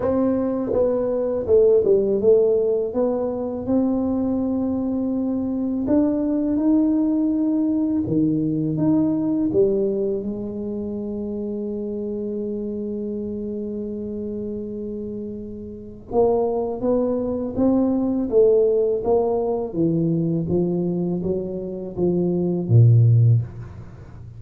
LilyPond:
\new Staff \with { instrumentName = "tuba" } { \time 4/4 \tempo 4 = 82 c'4 b4 a8 g8 a4 | b4 c'2. | d'4 dis'2 dis4 | dis'4 g4 gis2~ |
gis1~ | gis2 ais4 b4 | c'4 a4 ais4 e4 | f4 fis4 f4 ais,4 | }